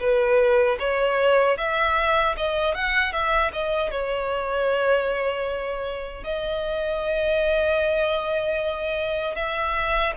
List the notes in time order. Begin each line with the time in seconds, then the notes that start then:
0.00 B4
0.79 C#5
1.58 E5
2.37 D#5
2.74 F#5
3.12 E5
3.52 D#5
3.91 C#5
6.24 D#5
9.35 E5